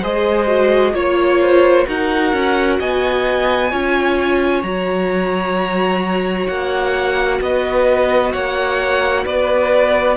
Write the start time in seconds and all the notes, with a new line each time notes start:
0.00 G#3 G#4 C5 D#5
0.47 F#4
0.93 A#3 F4 C#5
1.41 C5
1.86 D#4 F#4 A#4 F#5
2.33 C#4
2.79 B3 D#5 G#5
3.71 C#4 F4 C#5
4.62 F#3 F#4 A#5
6.47 A#3 F#5
7.41 B3 B4 D#5
8.32 A#3 C#5 F#5
9.24 B3 B4 D5